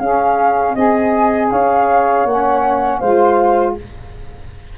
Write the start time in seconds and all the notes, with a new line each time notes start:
0.00 C#4 G#4 F5
0.73 C4 G#4 D#5 G#5
1.50 C#4 C#5 F5
2.26 A#3 C#4 F#5
2.99 G#3 F4 C5 F5